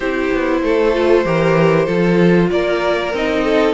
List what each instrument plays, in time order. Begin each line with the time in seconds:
0.00 cello C4, viola E4, violin G4 C5
0.33 cello B3
0.62 cello A3, violin A4
0.93 viola F4
1.24 cello E3, viola G4, violin A#4
1.85 cello F3, viola F4, violin A4
2.50 cello A#3, violin A#4 D5
3.13 cello C4, viola D#4, violin D#5
3.43 violin A4